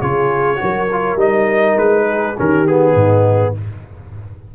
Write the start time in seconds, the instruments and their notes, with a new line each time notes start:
0.00 tuba C#3, trombone F4, horn G#4, trumpet C#5
0.56 trombone F#4, horn A#4
0.63 tuba F#3
0.92 trombone F4
1.16 tuba G3, trombone D#4, trumpet D#5
1.77 tuba G#3, trumpet B4
2.06 horn G#4
2.36 tuba D#3, trombone C#4, horn G4, trumpet A#4
2.67 trombone B3, trumpet G#4
2.94 tuba G#2, horn D#4